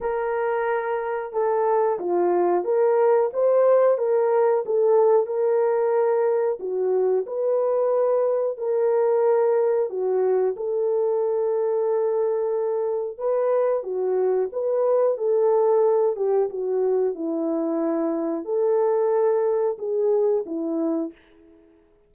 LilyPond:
\new Staff \with { instrumentName = "horn" } { \time 4/4 \tempo 4 = 91 ais'2 a'4 f'4 | ais'4 c''4 ais'4 a'4 | ais'2 fis'4 b'4~ | b'4 ais'2 fis'4 |
a'1 | b'4 fis'4 b'4 a'4~ | a'8 g'8 fis'4 e'2 | a'2 gis'4 e'4 | }